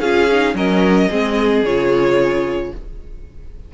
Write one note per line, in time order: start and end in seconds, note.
0.00 0.54 C#4
0.00 0.29 F4
0.00 0.54 G#4
0.00 0.55 F5
0.31 0.55 D#4
0.54 1.08 F#3
0.54 1.09 C#4
0.54 1.09 A#4
0.54 1.65 D#5
1.09 1.63 G#3
1.09 1.64 C4
1.09 2.71 G#4
1.63 2.71 C#3
1.63 2.74 F4
1.63 2.73 C#5